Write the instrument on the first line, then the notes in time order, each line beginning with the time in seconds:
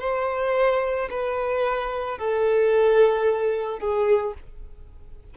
violin
0.00 C5
1.10 B4
2.18 A4
3.79 G#4